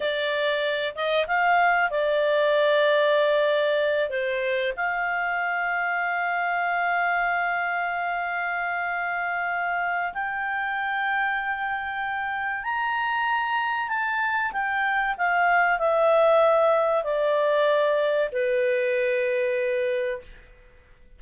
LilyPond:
\new Staff \with { instrumentName = "clarinet" } { \time 4/4 \tempo 4 = 95 d''4. dis''8 f''4 d''4~ | d''2~ d''8 c''4 f''8~ | f''1~ | f''1 |
g''1 | ais''2 a''4 g''4 | f''4 e''2 d''4~ | d''4 b'2. | }